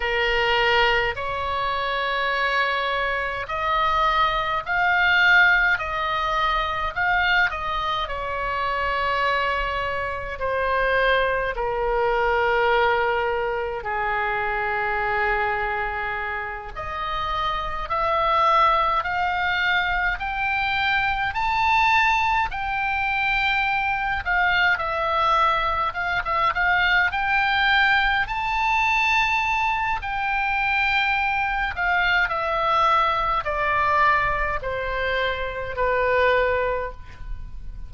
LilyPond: \new Staff \with { instrumentName = "oboe" } { \time 4/4 \tempo 4 = 52 ais'4 cis''2 dis''4 | f''4 dis''4 f''8 dis''8 cis''4~ | cis''4 c''4 ais'2 | gis'2~ gis'8 dis''4 e''8~ |
e''8 f''4 g''4 a''4 g''8~ | g''4 f''8 e''4 f''16 e''16 f''8 g''8~ | g''8 a''4. g''4. f''8 | e''4 d''4 c''4 b'4 | }